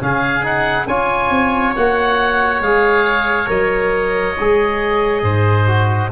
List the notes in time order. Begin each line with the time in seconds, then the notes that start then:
0.00 C#3 C#4 G#4 F5
0.43 D#4 F#5
0.87 C#4 F4 C#5 G#5
1.29 C4
1.75 A#3 F#4 F#5
2.60 G#3 G#4 F5
3.46 F#3 A#4 D#5
4.38 G#3 G#4
5.22 G#2 C5
5.66 F#4